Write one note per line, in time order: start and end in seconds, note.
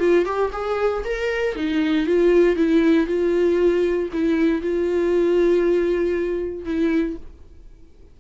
0.00 0.26 F4
0.26 0.52 G4
0.53 1.04 G#4
1.05 1.56 A#4
1.56 2.07 D#4
2.07 2.56 F4
2.56 3.07 E4
3.07 4.10 F4
4.14 4.62 E4
4.62 6.65 F4
6.65 7.17 E4